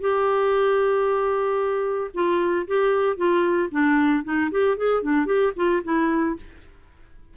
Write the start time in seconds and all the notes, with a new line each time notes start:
0.00 G4
2.13 F4
2.67 G4
3.16 F4
3.71 D4
4.24 D#4
4.51 G4
4.77 G#4
5.02 D4
5.26 G4
5.56 F4
5.83 E4